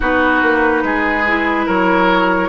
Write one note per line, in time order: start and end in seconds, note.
0.00 0.42 B3
0.00 1.24 D#4
0.00 0.83 F#4
0.00 1.68 B4
0.42 0.83 A#3
0.83 1.66 G#3
0.83 1.66 G#4
1.27 2.49 E4
1.66 2.49 F#3
1.66 2.49 A#4
1.66 2.49 C#5